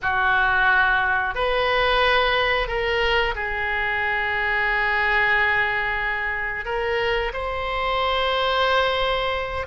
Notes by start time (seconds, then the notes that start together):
0.02 F#4
1.34 B4
2.67 A#4
3.35 G#4
6.65 A#4
7.33 C5